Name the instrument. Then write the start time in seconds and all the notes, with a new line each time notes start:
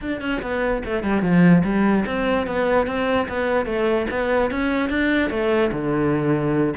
cello
0.01 D4
0.21 C#4
0.42 B3
0.85 A3
1.03 G3
1.22 F3
1.63 G3
2.06 C4
2.47 B3
2.86 C4
3.28 B3
3.65 A3
4.10 B3
4.50 C#4
4.89 D4
5.29 A3
5.72 D3